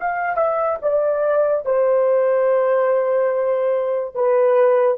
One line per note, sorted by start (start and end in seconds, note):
0.00 0.37 F5
0.37 0.79 E5
0.82 1.65 D5
1.65 4.15 C5
4.15 4.98 B4